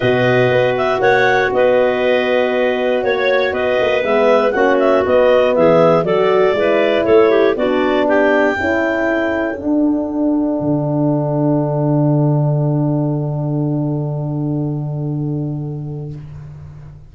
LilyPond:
<<
  \new Staff \with { instrumentName = "clarinet" } { \time 4/4 \tempo 4 = 119 dis''4. e''8 fis''4 dis''4~ | dis''2 cis''4 dis''4 | e''4 fis''8 e''8 dis''4 e''4 | d''2 cis''4 d''4 |
g''2. fis''4~ | fis''1~ | fis''1~ | fis''1 | }
  \new Staff \with { instrumentName = "clarinet" } { \time 4/4 b'2 cis''4 b'4~ | b'2 cis''4 b'4~ | b'4 fis'2 gis'4 | a'4 b'4 a'8 g'8 fis'4 |
g'4 a'2.~ | a'1~ | a'1~ | a'1 | }
  \new Staff \with { instrumentName = "horn" } { \time 4/4 fis'1~ | fis'1 | b4 cis'4 b2 | fis'4 e'2 d'4~ |
d'4 e'2 d'4~ | d'1~ | d'1~ | d'1 | }
  \new Staff \with { instrumentName = "tuba" } { \time 4/4 b,4 b4 ais4 b4~ | b2 ais4 b8 ais8 | gis4 ais4 b4 e4 | fis4 gis4 a4 b4~ |
b4 cis'2 d'4~ | d'4 d2.~ | d1~ | d1 | }
>>